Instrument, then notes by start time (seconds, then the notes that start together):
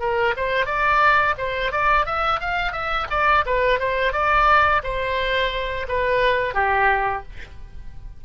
oboe
0.00 A#4
0.37 C5
0.66 D5
1.38 C5
1.72 D5
2.06 E5
2.40 F5
2.72 E5
3.10 D5
3.46 B4
3.80 C5
4.13 D5
4.83 C5
5.88 B4
6.54 G4